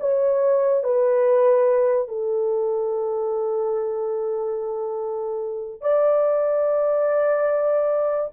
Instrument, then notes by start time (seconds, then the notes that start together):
horn
0.00 C#5
0.84 B4
2.08 A4
5.81 D5